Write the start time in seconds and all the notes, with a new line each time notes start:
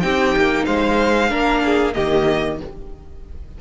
0.00 C4 D#4 G4 G5
0.36 A#3
0.65 G#3 C5 F5
1.29 A#3 D4 A#4
1.64 G#4
1.93 D#3 A#3 G4 D#5